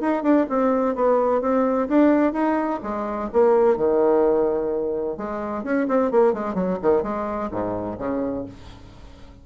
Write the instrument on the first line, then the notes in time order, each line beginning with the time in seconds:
bassoon
0.00 D#4
0.22 D4
0.49 C4
0.95 B3
1.41 C4
1.88 D4
2.32 D#4
2.82 G#3
3.32 A#3
3.76 D#3
5.17 G#3
5.63 C#4
5.88 C4
6.11 A#3
6.33 G#3
6.54 F#3
6.82 D#3
7.02 G#3
7.51 G#2
7.98 C#3